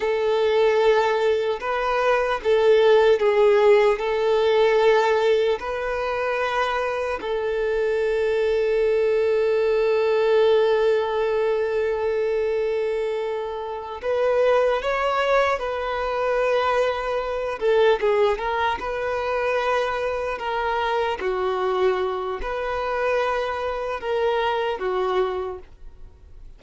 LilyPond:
\new Staff \with { instrumentName = "violin" } { \time 4/4 \tempo 4 = 75 a'2 b'4 a'4 | gis'4 a'2 b'4~ | b'4 a'2.~ | a'1~ |
a'4. b'4 cis''4 b'8~ | b'2 a'8 gis'8 ais'8 b'8~ | b'4. ais'4 fis'4. | b'2 ais'4 fis'4 | }